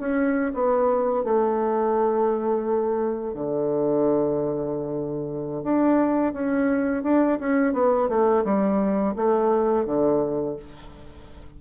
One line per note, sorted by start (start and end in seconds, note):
0.00 0.53 C#4
0.54 1.24 B3
1.24 3.34 A3
3.34 5.63 D3
5.64 6.34 D4
6.34 7.04 C#4
7.04 7.39 D4
7.40 7.74 C#4
7.74 8.09 B3
8.09 8.44 A3
8.44 9.15 G3
9.16 9.86 A3
9.86 10.56 D3